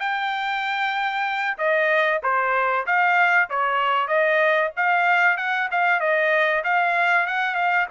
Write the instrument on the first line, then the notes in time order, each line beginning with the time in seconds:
trumpet
0.00 G5
1.58 D#5
2.23 C5
2.87 F5
3.50 C#5
4.08 D#5
4.77 F5
5.38 F#5
5.71 F5
6.01 D#5
6.64 F5
7.27 F#5
7.55 F5